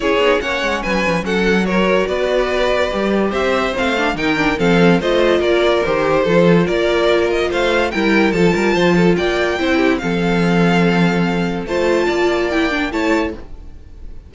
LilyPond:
<<
  \new Staff \with { instrumentName = "violin" } { \time 4/4 \tempo 4 = 144 cis''4 fis''4 gis''4 fis''4 | cis''4 d''2. | e''4 f''4 g''4 f''4 | dis''4 d''4 c''2 |
d''4. dis''8 f''4 g''4 | a''2 g''2 | f''1 | a''2 g''4 a''4 | }
  \new Staff \with { instrumentName = "violin" } { \time 4/4 gis'4 cis''4 b'4 a'4 | ais'4 b'2. | c''2 ais'4 a'4 | c''4 ais'2 a'4 |
ais'2 c''4 ais'4 | a'8 ais'8 c''8 a'8 d''4 c''8 g'8 | a'1 | c''4 d''2 cis''4 | }
  \new Staff \with { instrumentName = "viola" } { \time 4/4 e'8 dis'8 cis'2. | fis'2. g'4~ | g'4 c'8 d'8 dis'8 d'8 c'4 | f'2 g'4 f'4~ |
f'2. e'4 | f'2. e'4 | c'1 | f'2 e'8 d'8 e'4 | }
  \new Staff \with { instrumentName = "cello" } { \time 4/4 cis'8 b8 ais8 gis8 fis8 f8 fis4~ | fis4 b2 g4 | c'4 a4 dis4 f4 | a4 ais4 dis4 f4 |
ais2 a4 g4 | f8 g8 f4 ais4 c'4 | f1 | a4 ais2 a4 | }
>>